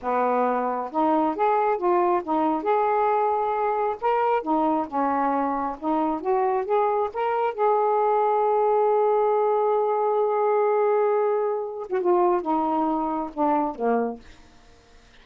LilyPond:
\new Staff \with { instrumentName = "saxophone" } { \time 4/4 \tempo 4 = 135 b2 dis'4 gis'4 | f'4 dis'4 gis'2~ | gis'4 ais'4 dis'4 cis'4~ | cis'4 dis'4 fis'4 gis'4 |
ais'4 gis'2.~ | gis'1~ | gis'2~ gis'8. fis'16 f'4 | dis'2 d'4 ais4 | }